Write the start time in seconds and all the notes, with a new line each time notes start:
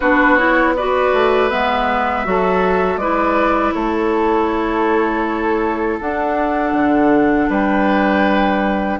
0.00 B3 D4 F#4 B4
0.36 E4 C#5
0.76 F#4 B4 D5
1.13 A3
1.49 G#3 B3 E5
2.25 F#3 F#4 A4
2.96 G#3 E4 B4 D5
3.73 A3 A4 C#5
6.00 D4 F#5
6.72 D3
7.49 G3 B4 G5